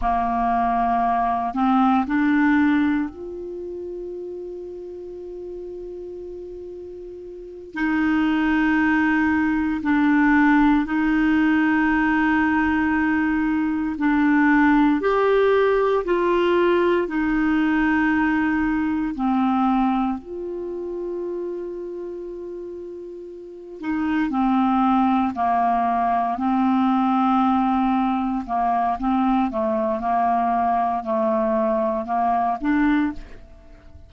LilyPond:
\new Staff \with { instrumentName = "clarinet" } { \time 4/4 \tempo 4 = 58 ais4. c'8 d'4 f'4~ | f'2.~ f'8 dis'8~ | dis'4. d'4 dis'4.~ | dis'4. d'4 g'4 f'8~ |
f'8 dis'2 c'4 f'8~ | f'2. dis'8 c'8~ | c'8 ais4 c'2 ais8 | c'8 a8 ais4 a4 ais8 d'8 | }